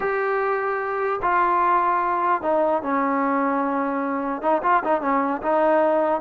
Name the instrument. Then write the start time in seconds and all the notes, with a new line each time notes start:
trombone
0.00 G4
1.22 F4
2.42 D#4
2.82 C#4
4.41 D#4
4.63 F4
4.84 D#4
5.01 C#4
5.42 D#4